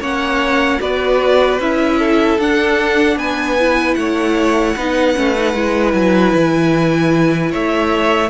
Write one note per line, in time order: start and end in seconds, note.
0.00 0.79 A#3
0.00 0.80 C#4
0.00 0.79 C#5
0.00 0.81 F#5
0.80 1.59 B3
0.80 1.59 F#4
0.80 1.98 B4
0.80 1.60 D5
1.59 2.37 C#4
1.59 2.39 E4
1.59 2.39 E5
1.98 3.17 A4
2.38 3.16 D4
2.38 3.58 D4
2.38 3.18 F#5
3.16 3.95 B3
3.16 3.96 B4
3.16 3.94 G#5
3.59 4.76 E4
3.94 4.75 A3
3.94 4.76 C#5
3.94 5.91 F#5
4.76 5.16 B3
4.76 5.14 D#4
4.76 7.50 B4
5.14 5.54 A3
5.14 5.34 C#4
5.36 5.54 D#4
5.54 5.93 G#3
5.54 8.30 E4
5.93 6.33 F#3
5.93 7.51 G#5
6.35 7.54 E3
7.50 8.30 A3
7.50 8.29 C#5
7.50 8.30 E5